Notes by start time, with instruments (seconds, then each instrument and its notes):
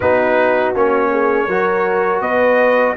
0.00 tuba B3, trombone D#4, horn F#4, trumpet B4
0.74 tuba A#3, trombone C#4, trumpet C#5
1.10 horn G#4
1.47 tuba F#3, trombone F#4, horn A#4
2.21 tuba B3, horn B4, trumpet D#5